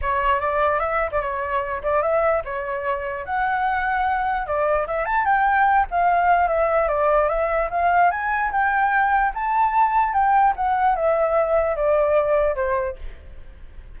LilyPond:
\new Staff \with { instrumentName = "flute" } { \time 4/4 \tempo 4 = 148 cis''4 d''4 e''8. d''16 cis''4~ | cis''8 d''8 e''4 cis''2 | fis''2. d''4 | e''8 a''8 g''4. f''4. |
e''4 d''4 e''4 f''4 | gis''4 g''2 a''4~ | a''4 g''4 fis''4 e''4~ | e''4 d''2 c''4 | }